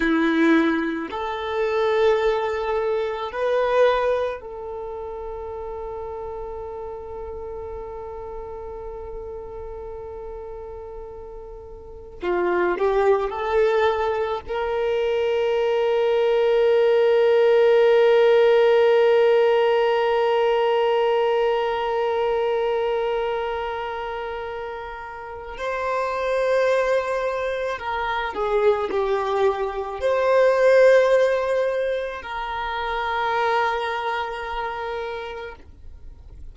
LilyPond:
\new Staff \with { instrumentName = "violin" } { \time 4/4 \tempo 4 = 54 e'4 a'2 b'4 | a'1~ | a'2. f'8 g'8 | a'4 ais'2.~ |
ais'1~ | ais'2. c''4~ | c''4 ais'8 gis'8 g'4 c''4~ | c''4 ais'2. | }